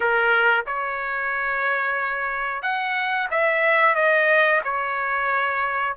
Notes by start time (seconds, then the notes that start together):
0.00 A#4
0.66 C#5
2.62 F#5
3.31 E5
3.95 D#5
4.64 C#5